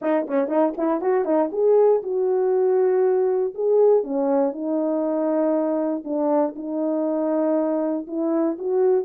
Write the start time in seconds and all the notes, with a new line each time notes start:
0.01 D#4
0.27 C#4
0.47 D#4
0.77 E4
1.01 F#4
1.24 D#4
1.51 G#4
2.02 F#4
3.54 G#4
4.03 C#4
4.52 D#4
6.04 D4
6.55 D#4
8.07 E4
8.58 F#4